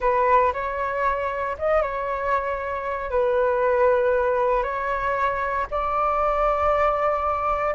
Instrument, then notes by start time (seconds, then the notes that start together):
flute
0.00 B4
0.53 C#5
1.58 D#5
1.82 C#5
3.10 B4
4.63 C#5
5.70 D5